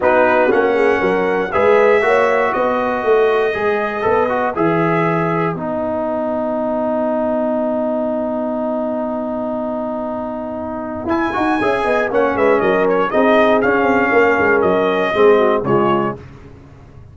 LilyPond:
<<
  \new Staff \with { instrumentName = "trumpet" } { \time 4/4 \tempo 4 = 119 b'4 fis''2 e''4~ | e''4 dis''2.~ | dis''4 e''2 fis''4~ | fis''1~ |
fis''1~ | fis''2 gis''2 | fis''8 e''8 dis''8 cis''8 dis''4 f''4~ | f''4 dis''2 cis''4 | }
  \new Staff \with { instrumentName = "horn" } { \time 4/4 fis'4. gis'8 ais'4 b'4 | cis''4 b'2.~ | b'1~ | b'1~ |
b'1~ | b'2. e''8 dis''8 | cis''8 b'8 ais'4 gis'2 | ais'2 gis'8 fis'8 f'4 | }
  \new Staff \with { instrumentName = "trombone" } { \time 4/4 dis'4 cis'2 gis'4 | fis'2. gis'4 | a'8 fis'8 gis'2 dis'4~ | dis'1~ |
dis'1~ | dis'2 e'8 fis'8 gis'4 | cis'2 dis'4 cis'4~ | cis'2 c'4 gis4 | }
  \new Staff \with { instrumentName = "tuba" } { \time 4/4 b4 ais4 fis4 gis4 | ais4 b4 a4 gis4 | b4 e2 b4~ | b1~ |
b1~ | b2 e'8 dis'8 cis'8 b8 | ais8 gis8 fis4 c'4 cis'8 c'8 | ais8 gis8 fis4 gis4 cis4 | }
>>